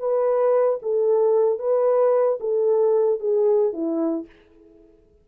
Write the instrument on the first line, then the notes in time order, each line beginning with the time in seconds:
horn
0.00 B4
0.83 A4
1.59 B4
2.40 A4
3.20 G#4
3.73 E4